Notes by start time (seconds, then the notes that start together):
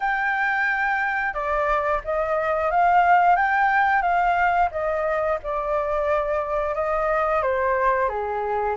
0.00 G5
1.34 D5
2.04 D#5
2.71 F5
3.36 G5
4.01 F5
4.71 D#5
5.43 D5
6.74 D#5
7.42 C5
8.08 G#4